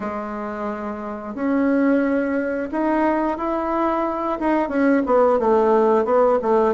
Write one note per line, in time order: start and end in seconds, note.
0.00 1.34 G#3
1.34 2.69 C#4
2.72 3.37 D#4
3.37 4.38 E4
4.39 4.68 D#4
4.68 5.02 C#4
5.06 5.39 B3
5.39 6.05 A3
6.05 6.38 B3
6.41 6.74 A3